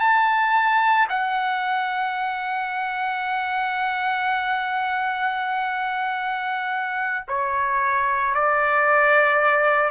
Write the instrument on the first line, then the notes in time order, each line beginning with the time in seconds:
trumpet
0.00 A5
1.09 F#5
7.28 C#5
8.35 D5